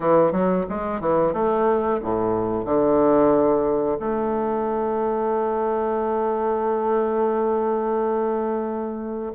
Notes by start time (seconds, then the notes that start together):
0.00 E3
0.32 F#3
0.68 G#3
1.00 E3
1.33 A3
2.02 A2
2.65 D3
3.99 A3